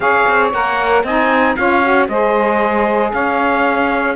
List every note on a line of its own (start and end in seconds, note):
0.00 0.25 C#4
0.00 0.52 G#4
0.00 1.04 C#5
0.00 0.49 F5
0.27 0.53 C4
0.53 1.03 A#3
0.53 1.05 A#4
0.53 1.05 F#5
1.03 1.55 C4
1.03 1.58 D#4
1.03 1.57 D#5
1.03 1.56 G#5
1.56 2.08 C#4
1.56 1.82 F4
1.56 2.09 C#5
1.56 2.08 F5
1.82 2.08 F#4
2.08 3.12 G#3
2.08 4.16 G#4
2.08 3.13 C5
2.08 3.13 D#5
3.13 4.16 C#4
3.13 4.16 C#5
3.13 4.16 F5